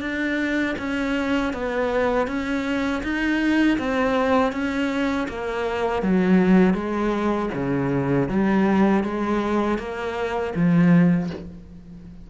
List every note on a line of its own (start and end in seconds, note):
0.00 0.75 D4
0.78 1.53 C#4
1.53 2.27 B3
2.27 3.02 C#4
3.03 3.78 D#4
3.78 4.52 C4
4.52 5.27 C#4
5.28 6.02 A#3
6.02 6.74 F#3
6.74 7.49 G#3
7.54 8.28 C#3
8.28 9.03 G3
9.03 9.78 G#3
9.78 10.53 A#3
10.55 11.30 F3